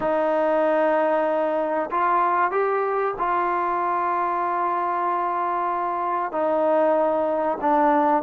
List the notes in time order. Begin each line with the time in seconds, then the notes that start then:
0.00 D#4
1.90 F4
2.51 G4
3.18 F4
6.32 D#4
7.61 D4